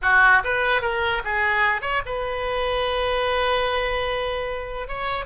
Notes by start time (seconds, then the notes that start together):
0.02 F#4
0.43 B4
0.81 A#4
1.24 G#4
1.81 C#5
2.05 B4
4.88 C#5